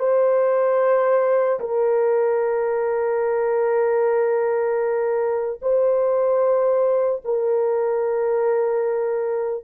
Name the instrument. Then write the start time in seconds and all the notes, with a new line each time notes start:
horn
0.00 C5
1.60 A#4
5.62 C5
7.25 A#4